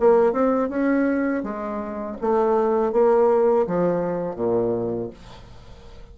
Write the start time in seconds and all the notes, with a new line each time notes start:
0.00 A#3
0.33 C4
0.69 C#4
1.43 G#3
2.21 A3
2.93 A#3
3.67 F3
4.36 A#2